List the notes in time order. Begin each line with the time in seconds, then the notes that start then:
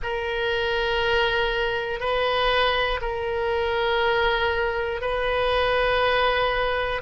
0.02 A#4
2.00 B4
3.00 A#4
5.01 B4